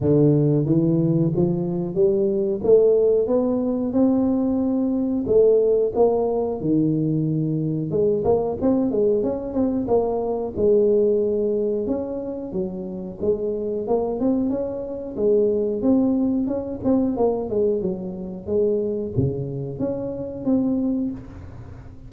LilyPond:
\new Staff \with { instrumentName = "tuba" } { \time 4/4 \tempo 4 = 91 d4 e4 f4 g4 | a4 b4 c'2 | a4 ais4 dis2 | gis8 ais8 c'8 gis8 cis'8 c'8 ais4 |
gis2 cis'4 fis4 | gis4 ais8 c'8 cis'4 gis4 | c'4 cis'8 c'8 ais8 gis8 fis4 | gis4 cis4 cis'4 c'4 | }